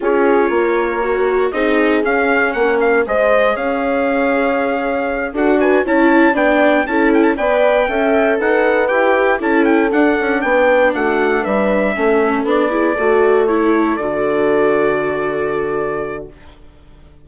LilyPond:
<<
  \new Staff \with { instrumentName = "trumpet" } { \time 4/4 \tempo 4 = 118 cis''2. dis''4 | f''4 fis''8 f''8 dis''4 f''4~ | f''2~ f''8 fis''8 gis''8 a''8~ | a''8 g''4 a''8 g''16 a''16 g''4.~ |
g''8 fis''4 g''4 a''8 g''8 fis''8~ | fis''8 g''4 fis''4 e''4.~ | e''8 d''2 cis''4 d''8~ | d''1 | }
  \new Staff \with { instrumentName = "horn" } { \time 4/4 gis'4 ais'2 gis'4~ | gis'4 ais'4 c''4 cis''4~ | cis''2~ cis''8 a'8 b'8 cis''8~ | cis''8 d''4 a'4 d''4 e''8~ |
e''8 b'2 a'4.~ | a'8 b'4 fis'4 b'4 a'8~ | a'4 gis'8 a'2~ a'8~ | a'1 | }
  \new Staff \with { instrumentName = "viola" } { \time 4/4 f'2 fis'4 dis'4 | cis'2 gis'2~ | gis'2~ gis'8 fis'4 e'8~ | e'8 d'4 e'4 b'4 a'8~ |
a'4. g'4 e'4 d'8~ | d'2.~ d'8 cis'8~ | cis'8 d'8 e'8 fis'4 e'4 fis'8~ | fis'1 | }
  \new Staff \with { instrumentName = "bassoon" } { \time 4/4 cis'4 ais2 c'4 | cis'4 ais4 gis4 cis'4~ | cis'2~ cis'8 d'4 cis'8~ | cis'8 b4 cis'4 b4 cis'8~ |
cis'8 dis'4 e'4 cis'4 d'8 | cis'8 b4 a4 g4 a8~ | a8 b4 a2 d8~ | d1 | }
>>